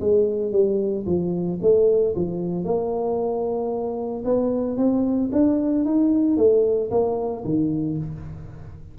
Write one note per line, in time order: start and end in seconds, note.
0.00 0.51 G#3
0.51 1.05 G3
1.06 1.59 F3
1.61 2.15 A3
2.15 2.64 F3
2.64 4.23 A#3
4.24 4.77 B3
4.77 5.30 C4
5.32 5.85 D4
5.85 6.37 D#4
6.37 6.90 A3
6.90 7.43 A#3
7.44 7.97 D#3